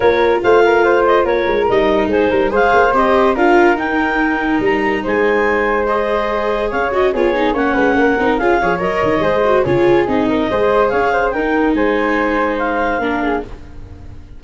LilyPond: <<
  \new Staff \with { instrumentName = "clarinet" } { \time 4/4 \tempo 4 = 143 cis''4 f''4. dis''8 cis''4 | dis''4 c''4 f''4 dis''4 | f''4 g''2 ais''4 | gis''2 dis''2 |
f''8 dis''8 cis''4 fis''2 | f''4 dis''2 cis''4 | dis''2 f''4 g''4 | gis''2 f''2 | }
  \new Staff \with { instrumentName = "flute" } { \time 4/4 ais'4 c''8 ais'8 c''4 ais'4~ | ais'4 gis'8 ais'8 c''2 | ais'1 | c''1 |
cis''4 gis'4 cis''8 b'8 ais'4 | gis'8 cis''4. c''4 gis'4~ | gis'8 ais'8 c''4 cis''8 c''8 ais'4 | c''2. ais'8 gis'8 | }
  \new Staff \with { instrumentName = "viola" } { \time 4/4 f'1 | dis'2 gis'4 g'4 | f'4 dis'2.~ | dis'2 gis'2~ |
gis'8 fis'8 f'8 dis'8 cis'4. dis'8 | f'8 gis'8 ais'4 gis'8 fis'8 f'4 | dis'4 gis'2 dis'4~ | dis'2. d'4 | }
  \new Staff \with { instrumentName = "tuba" } { \time 4/4 ais4 a2 ais8 gis8 | g4 gis8 g8 gis8 ais8 c'4 | d'4 dis'2 g4 | gis1 |
cis'4 b4 ais8 gis8 ais8 c'8 | cis'8 f8 fis8 dis8 gis4 cis4 | c'4 gis4 cis'4 dis'4 | gis2. ais4 | }
>>